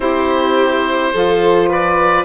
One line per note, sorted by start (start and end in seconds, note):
0.00 1.11 C4
0.00 1.12 E4
0.00 1.13 G4
0.00 1.69 C5
1.13 2.25 F3
1.13 2.25 F4
1.13 1.68 A4
1.68 2.25 B4
1.68 2.25 D5